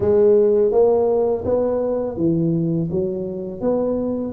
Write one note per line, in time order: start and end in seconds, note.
0.00 0.71 G#3
0.71 1.44 A#3
1.44 2.17 B3
2.17 2.89 E3
2.90 3.60 F#3
3.60 4.32 B3